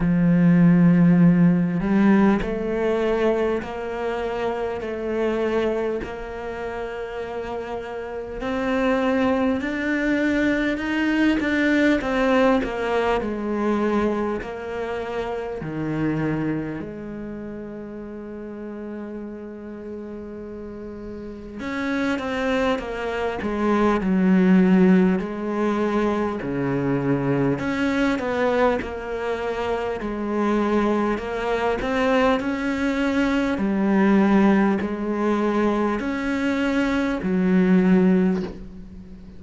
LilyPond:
\new Staff \with { instrumentName = "cello" } { \time 4/4 \tempo 4 = 50 f4. g8 a4 ais4 | a4 ais2 c'4 | d'4 dis'8 d'8 c'8 ais8 gis4 | ais4 dis4 gis2~ |
gis2 cis'8 c'8 ais8 gis8 | fis4 gis4 cis4 cis'8 b8 | ais4 gis4 ais8 c'8 cis'4 | g4 gis4 cis'4 fis4 | }